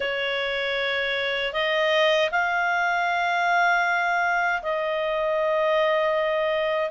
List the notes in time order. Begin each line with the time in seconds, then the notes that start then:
0.00 C#5
1.53 D#5
2.31 F5
4.62 D#5